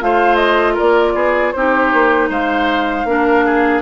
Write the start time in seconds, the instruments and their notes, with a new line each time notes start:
0.00 bassoon A3, clarinet F4, oboe C5, flute F5
0.35 flute D#5
0.73 oboe A#4, flute D5
0.80 bassoon A#3
1.14 bassoon B3, oboe G#4
1.52 bassoon C4, clarinet D#4, oboe G4, flute C5
1.93 bassoon A#3
2.29 bassoon G#3, oboe C5, flute F5
3.04 bassoon A#3, clarinet D4, oboe A#4
3.45 oboe G#4